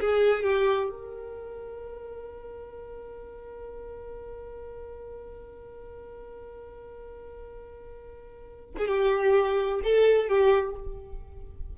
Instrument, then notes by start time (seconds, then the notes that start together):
violin
0.00 G#4
0.43 G4
0.89 A#4
8.77 G#4
8.87 G4
9.83 A4
10.28 G4